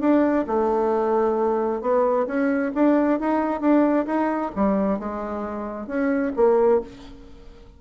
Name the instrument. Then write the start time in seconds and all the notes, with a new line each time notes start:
bassoon
0.00 D4
0.47 A3
1.81 B3
2.26 C#4
2.75 D4
3.19 D#4
3.60 D4
4.06 D#4
4.55 G3
4.98 G#3
5.87 C#4
6.36 A#3